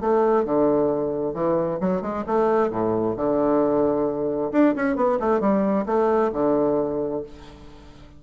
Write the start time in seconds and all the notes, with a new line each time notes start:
0.00 A3
0.45 D3
1.34 E3
1.80 F#3
2.02 G#3
2.26 A3
2.70 A2
3.16 D3
4.52 D4
4.76 C#4
4.96 B3
5.19 A3
5.40 G3
5.86 A3
6.32 D3